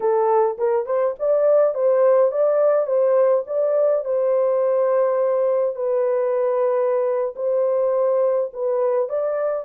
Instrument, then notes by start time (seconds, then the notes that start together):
horn
0.00 A4
0.58 A#4
0.86 C5
1.19 D5
1.74 C5
2.31 D5
2.86 C5
3.46 D5
4.04 C5
5.75 B4
7.35 C5
8.53 B4
9.09 D5